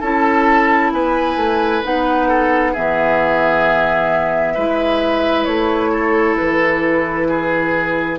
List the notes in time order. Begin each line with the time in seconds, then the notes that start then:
0.00 C#4 E4 A4 A5
0.92 B3 B4 G#5
1.36 A3
1.84 B3 D#4 F#5
2.28 A4
2.72 E3 B3 G#4 E5
4.55 G#3 E4 B4
5.45 A3 C#5
5.91 A4
6.36 E3 B4
7.29 G#4